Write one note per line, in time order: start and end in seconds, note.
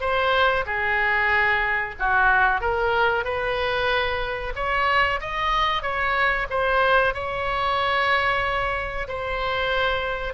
0.00 0.65 C5
0.66 1.95 G#4
1.99 2.61 F#4
2.61 3.24 A#4
3.24 4.53 B4
4.55 5.20 C#5
5.21 5.82 D#5
5.82 6.47 C#5
6.50 7.14 C5
7.14 9.08 C#5
9.08 10.34 C5